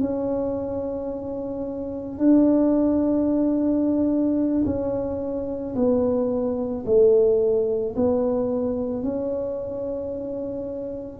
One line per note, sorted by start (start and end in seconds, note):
0.00 2.18 C#4
2.18 4.64 D4
4.66 5.75 C#4
5.75 6.84 B3
6.86 7.95 A3
7.96 9.03 B3
9.03 11.20 C#4